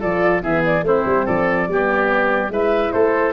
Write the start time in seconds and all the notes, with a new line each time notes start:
0.00 F3 F4 A4 D5
0.42 E3 B3 G#4 E5
0.64 D5
0.83 A3 C4 E4 C5
1.05 G3
1.26 F3 A4 D5
1.68 G3 B3 G4
2.50 G#3 E4 B4 E5
2.92 A3 A4 C5